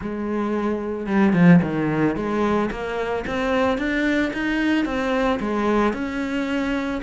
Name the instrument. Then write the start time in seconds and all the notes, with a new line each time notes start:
cello
0.01 G#3
1.06 G3
1.33 F3
1.62 D#3
2.16 G#3
2.71 A#3
3.26 C4
3.77 D4
4.33 D#4
4.85 C4
5.40 G#3
5.93 C#4